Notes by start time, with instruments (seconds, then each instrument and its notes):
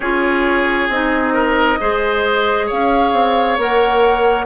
0.00 bassoon C#4, clarinet F4, oboe G#4, flute C#5
0.88 bassoon C4, clarinet D#4, flute D#5
1.33 oboe A#4
1.80 bassoon G#3, clarinet G#4, oboe C5
2.66 bassoon C#4, oboe C#5, flute F5
3.12 bassoon C4
3.57 bassoon A#3, clarinet A#4, flute F#5